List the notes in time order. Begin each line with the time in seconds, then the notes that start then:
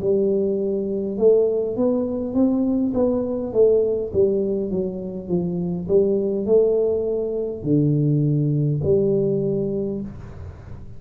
0.00 G3
1.18 A3
1.76 B3
2.34 C4
2.94 B3
3.52 A3
4.13 G3
4.71 F#3
5.28 F3
5.88 G3
6.45 A3
7.63 D3
8.83 G3